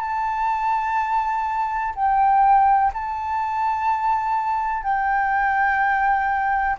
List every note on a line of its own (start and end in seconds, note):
0.00 1.94 A5
1.95 2.92 G5
2.93 4.83 A5
4.83 6.77 G5